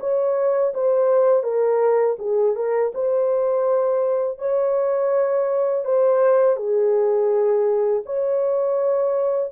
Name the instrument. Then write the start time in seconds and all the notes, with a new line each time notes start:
horn
0.00 C#5
0.74 C5
1.43 A#4
2.19 G#4
2.56 A#4
2.94 C5
4.38 C#5
5.85 C5
6.56 G#4
8.05 C#5